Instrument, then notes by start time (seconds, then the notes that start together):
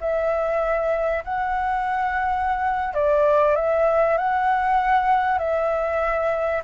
flute
0.00 E5
1.24 F#5
2.94 D5
3.55 E5
4.17 F#5
5.38 E5